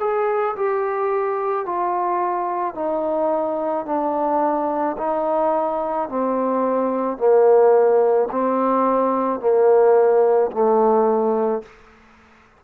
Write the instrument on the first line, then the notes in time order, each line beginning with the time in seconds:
trombone
0.00 G#4
0.56 G4
1.66 F4
2.75 D#4
3.86 D4
4.98 D#4
6.09 C4
7.18 A#3
8.31 C4
9.40 A#3
10.52 A3